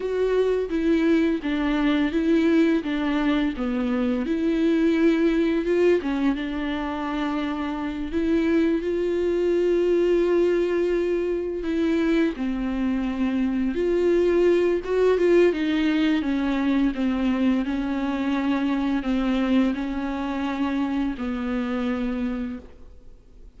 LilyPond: \new Staff \with { instrumentName = "viola" } { \time 4/4 \tempo 4 = 85 fis'4 e'4 d'4 e'4 | d'4 b4 e'2 | f'8 cis'8 d'2~ d'8 e'8~ | e'8 f'2.~ f'8~ |
f'8 e'4 c'2 f'8~ | f'4 fis'8 f'8 dis'4 cis'4 | c'4 cis'2 c'4 | cis'2 b2 | }